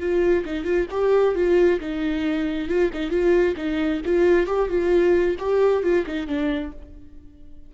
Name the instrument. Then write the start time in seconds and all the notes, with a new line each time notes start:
viola
0.00 F4
0.46 D#4
0.65 F4
0.91 G4
1.35 F4
1.81 D#4
2.69 F4
2.94 D#4
3.10 F4
3.57 D#4
4.06 F4
4.47 G4
4.69 F4
5.39 G4
5.83 F4
6.06 D#4
6.27 D4